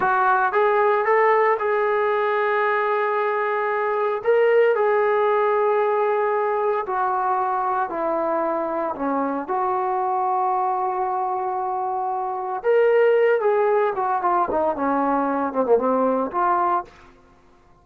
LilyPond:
\new Staff \with { instrumentName = "trombone" } { \time 4/4 \tempo 4 = 114 fis'4 gis'4 a'4 gis'4~ | gis'1 | ais'4 gis'2.~ | gis'4 fis'2 e'4~ |
e'4 cis'4 fis'2~ | fis'1 | ais'4. gis'4 fis'8 f'8 dis'8 | cis'4. c'16 ais16 c'4 f'4 | }